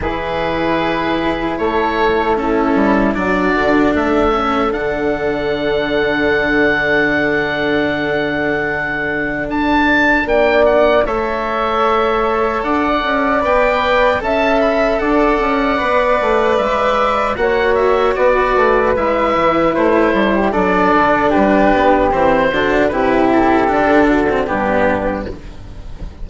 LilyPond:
<<
  \new Staff \with { instrumentName = "oboe" } { \time 4/4 \tempo 4 = 76 b'2 cis''4 a'4 | d''4 e''4 fis''2~ | fis''1 | a''4 g''8 fis''8 e''2 |
fis''4 g''4 a''8 b''8 fis''4~ | fis''4 e''4 fis''8 e''8 d''4 | e''4 c''4 d''4 b'4 | c''4 b'8 a'4. g'4 | }
  \new Staff \with { instrumentName = "flute" } { \time 4/4 gis'2 a'4 e'4 | fis'4 a'2.~ | a'1~ | a'4 d''4 cis''2 |
d''2 e''4 d''4~ | d''2 cis''4 b'4~ | b'4. a'16 g'16 a'4 g'4~ | g'8 fis'8 g'4. fis'8 d'4 | }
  \new Staff \with { instrumentName = "cello" } { \time 4/4 e'2. cis'4 | d'4. cis'8 d'2~ | d'1~ | d'2 a'2~ |
a'4 b'4 a'2 | b'2 fis'2 | e'2 d'2 | c'8 d'8 e'4 d'8. c'16 b4 | }
  \new Staff \with { instrumentName = "bassoon" } { \time 4/4 e2 a4. g8 | fis8 d8 a4 d2~ | d1 | d'4 ais4 a2 |
d'8 cis'8 b4 cis'4 d'8 cis'8 | b8 a8 gis4 ais4 b8 a8 | gis8 e8 a8 g8 fis8 d8 g8 b8 | e8 d8 c4 d4 g,4 | }
>>